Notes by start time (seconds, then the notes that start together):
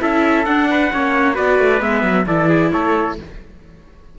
0.00 C#4 E4 A4 E5
0.45 D4 F#5
0.70 B4
0.92 A#3 C#4 C#5
1.34 B3 F#4 B4 D5
1.59 A3
1.80 G#3 B3 E5
2.03 F#3
2.26 E3 E4 A4 D5
2.48 G#4
2.72 A3 A4 C#5